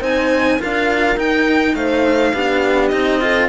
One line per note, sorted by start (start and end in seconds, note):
0.00 0.58 C4
0.00 0.58 D#4
0.00 0.58 C5
0.00 0.61 G#5
0.59 1.16 D4
0.59 1.17 F4
0.59 1.76 A#4
0.59 1.19 F5
1.16 1.74 D#4
1.16 2.33 D#4
1.16 1.75 G5
1.74 2.33 A3
1.74 2.33 C5
1.74 2.87 F5
2.33 2.92 B3
2.33 2.91 D4
2.33 3.21 G4
2.87 3.49 C4
2.87 3.20 D#4
2.87 3.46 D#5
3.20 3.49 F4
3.20 3.49 A4